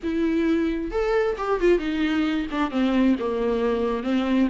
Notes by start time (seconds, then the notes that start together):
0.03 E4
0.91 A4
1.37 G4
1.60 F4
1.78 D#4
2.51 D4
2.70 C4
3.19 A#3
4.03 C4